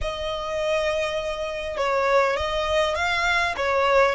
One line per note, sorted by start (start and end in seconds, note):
0.01 1.77 D#5
1.77 2.36 C#5
2.36 2.95 D#5
2.95 3.54 F5
3.56 4.15 C#5